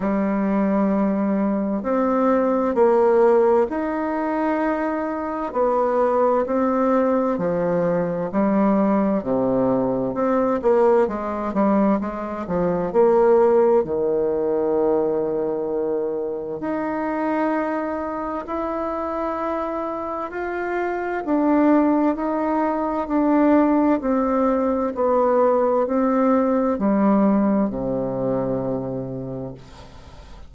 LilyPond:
\new Staff \with { instrumentName = "bassoon" } { \time 4/4 \tempo 4 = 65 g2 c'4 ais4 | dis'2 b4 c'4 | f4 g4 c4 c'8 ais8 | gis8 g8 gis8 f8 ais4 dis4~ |
dis2 dis'2 | e'2 f'4 d'4 | dis'4 d'4 c'4 b4 | c'4 g4 c2 | }